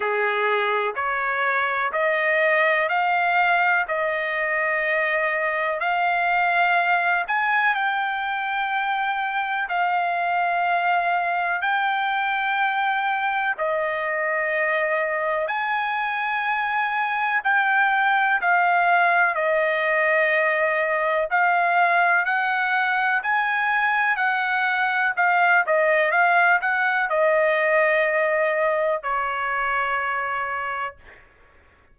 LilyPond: \new Staff \with { instrumentName = "trumpet" } { \time 4/4 \tempo 4 = 62 gis'4 cis''4 dis''4 f''4 | dis''2 f''4. gis''8 | g''2 f''2 | g''2 dis''2 |
gis''2 g''4 f''4 | dis''2 f''4 fis''4 | gis''4 fis''4 f''8 dis''8 f''8 fis''8 | dis''2 cis''2 | }